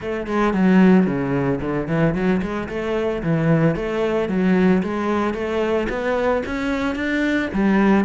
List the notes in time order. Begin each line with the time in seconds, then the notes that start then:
0.01 A3
0.27 G#3
0.53 F#3
1.06 C#3
1.60 D3
1.87 E3
2.14 F#3
2.41 G#3
2.68 A3
3.22 E3
3.75 A3
4.29 F#3
4.82 G#3
5.34 A3
5.89 B3
6.46 C#4
6.95 D4
7.53 G3